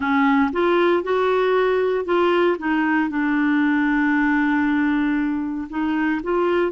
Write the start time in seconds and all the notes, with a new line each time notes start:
0.00 C#4
0.52 F4
1.03 F#4
2.05 F4
2.58 D#4
3.09 D4
5.69 D#4
6.23 F4